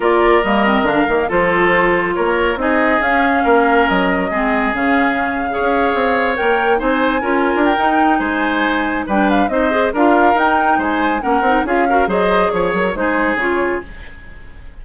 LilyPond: <<
  \new Staff \with { instrumentName = "flute" } { \time 4/4 \tempo 4 = 139 d''4 dis''4 f''4 c''4~ | c''4 cis''4 dis''4 f''4~ | f''4 dis''2 f''4~ | f''2~ f''8. g''4 gis''16~ |
gis''4.~ gis''16 g''4~ g''16 gis''4~ | gis''4 g''8 f''8 dis''4 f''4 | g''4 gis''4 fis''4 f''4 | dis''4 cis''8 ais'8 c''4 cis''4 | }
  \new Staff \with { instrumentName = "oboe" } { \time 4/4 ais'2. a'4~ | a'4 ais'4 gis'2 | ais'2 gis'2~ | gis'8. cis''2. c''16~ |
c''8. ais'2~ ais'16 c''4~ | c''4 b'4 c''4 ais'4~ | ais'4 c''4 ais'4 gis'8 ais'8 | c''4 cis''4 gis'2 | }
  \new Staff \with { instrumentName = "clarinet" } { \time 4/4 f'4 ais8 c'8 d'8 ais8 f'4~ | f'2 dis'4 cis'4~ | cis'2 c'4 cis'4~ | cis'8. gis'2 ais'4 dis'16~ |
dis'8. f'4~ f'16 dis'2~ | dis'4 d'4 dis'8 gis'8 f'4 | dis'2 cis'8 dis'8 f'8 fis'8 | gis'2 dis'4 f'4 | }
  \new Staff \with { instrumentName = "bassoon" } { \time 4/4 ais4 g4 d8 dis8 f4~ | f4 ais4 c'4 cis'4 | ais4 fis4 gis4 cis4~ | cis4 cis'8. c'4 ais4 c'16~ |
c'8. cis'8. d'8 dis'4 gis4~ | gis4 g4 c'4 d'4 | dis'4 gis4 ais8 c'8 cis'4 | fis4 f8 fis8 gis4 cis4 | }
>>